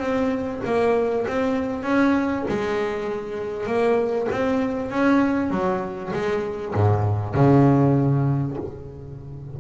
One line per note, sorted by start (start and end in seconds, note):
0.00 0.61 C4
0.66 1.27 A#3
1.28 1.84 C4
1.84 2.45 C#4
2.49 3.67 G#3
3.67 4.28 A#3
4.32 4.91 C4
4.91 5.51 C#4
5.51 6.12 F#3
6.13 6.75 G#3
6.75 7.35 G#2
7.35 8.58 C#3